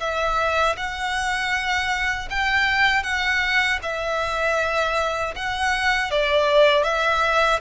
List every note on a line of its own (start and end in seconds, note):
0.00 0.76 E5
0.77 2.29 F#5
2.30 3.03 G5
3.03 3.79 F#5
3.83 5.34 E5
5.36 6.11 F#5
6.11 6.84 D5
6.84 7.60 E5